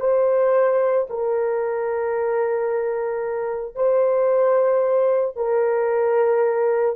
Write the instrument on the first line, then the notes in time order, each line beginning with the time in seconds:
horn
0.00 C5
1.10 A#4
3.75 C5
5.36 A#4